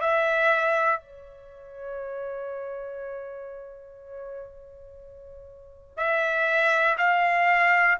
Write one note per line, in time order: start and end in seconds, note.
0.00 1.00 E5
1.00 5.96 C#5
5.96 6.96 E5
6.98 7.98 F5